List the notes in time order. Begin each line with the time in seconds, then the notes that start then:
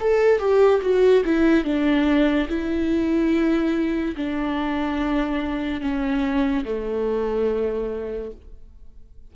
0.00 A4
0.39 G4
0.82 F#4
1.25 E4
1.64 D4
2.48 E4
4.16 D4
5.81 C#4
6.64 A3